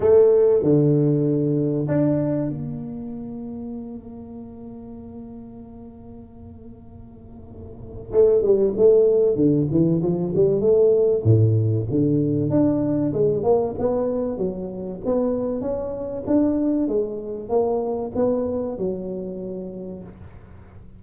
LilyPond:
\new Staff \with { instrumentName = "tuba" } { \time 4/4 \tempo 4 = 96 a4 d2 d'4 | ais1~ | ais1~ | ais4 a8 g8 a4 d8 e8 |
f8 g8 a4 a,4 d4 | d'4 gis8 ais8 b4 fis4 | b4 cis'4 d'4 gis4 | ais4 b4 fis2 | }